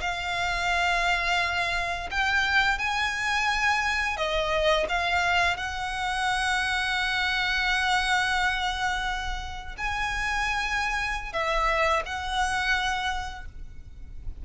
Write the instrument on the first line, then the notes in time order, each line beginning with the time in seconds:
violin
0.00 F5
2.11 G5
2.78 G#5
4.17 D#5
4.89 F5
5.57 F#5
9.77 G#5
11.33 E5
12.05 F#5